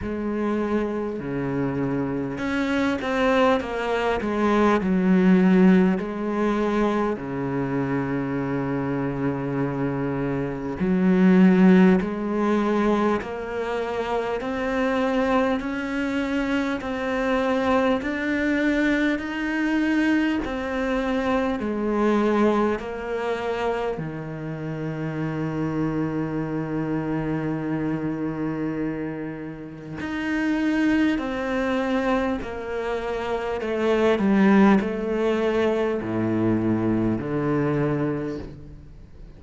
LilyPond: \new Staff \with { instrumentName = "cello" } { \time 4/4 \tempo 4 = 50 gis4 cis4 cis'8 c'8 ais8 gis8 | fis4 gis4 cis2~ | cis4 fis4 gis4 ais4 | c'4 cis'4 c'4 d'4 |
dis'4 c'4 gis4 ais4 | dis1~ | dis4 dis'4 c'4 ais4 | a8 g8 a4 a,4 d4 | }